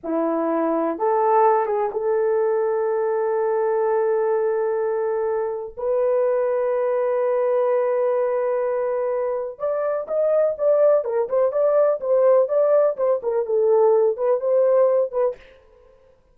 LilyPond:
\new Staff \with { instrumentName = "horn" } { \time 4/4 \tempo 4 = 125 e'2 a'4. gis'8 | a'1~ | a'1 | b'1~ |
b'1 | d''4 dis''4 d''4 ais'8 c''8 | d''4 c''4 d''4 c''8 ais'8 | a'4. b'8 c''4. b'8 | }